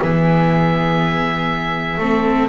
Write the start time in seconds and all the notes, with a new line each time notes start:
0.00 E3 B3 G#4 E5
1.97 A3 C4 A4